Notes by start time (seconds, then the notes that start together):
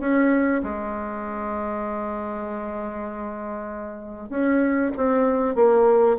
0.00 C#4
0.63 G#3
4.30 C#4
4.97 C4
5.55 A#3